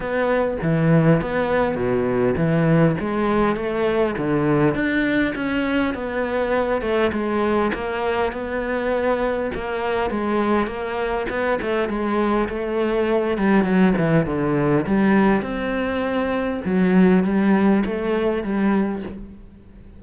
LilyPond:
\new Staff \with { instrumentName = "cello" } { \time 4/4 \tempo 4 = 101 b4 e4 b4 b,4 | e4 gis4 a4 d4 | d'4 cis'4 b4. a8 | gis4 ais4 b2 |
ais4 gis4 ais4 b8 a8 | gis4 a4. g8 fis8 e8 | d4 g4 c'2 | fis4 g4 a4 g4 | }